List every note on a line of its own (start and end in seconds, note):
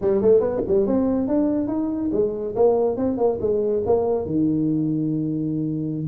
0.01 0.21 G3
0.21 0.40 A3
0.40 0.61 B3
0.67 0.86 G3
0.86 1.27 C4
1.27 1.67 D4
1.67 2.10 D#4
2.12 2.55 G#3
2.55 2.96 A#3
2.96 3.17 C4
3.17 3.38 A#3
3.40 3.83 G#3
3.85 4.25 A#3
4.25 6.06 D#3